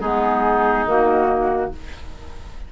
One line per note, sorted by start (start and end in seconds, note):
0.00 0.85 G#3
0.00 0.86 B3
0.00 1.71 D#4
0.00 0.86 G#4
0.85 1.71 D#3
0.85 1.72 A#3
0.85 1.72 F#4